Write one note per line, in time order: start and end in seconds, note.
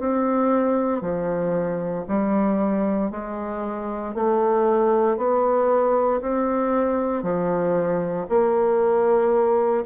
0.00 1.02 C4
1.02 2.05 F3
2.08 3.11 G3
3.11 4.15 G#3
4.15 5.18 A3
5.18 6.21 B3
6.22 7.23 C4
7.23 8.27 F3
8.30 9.85 A#3